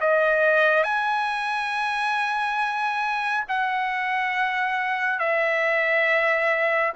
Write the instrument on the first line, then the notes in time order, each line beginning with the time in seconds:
trumpet
0.00 D#5
0.83 G#5
3.48 F#5
5.19 E5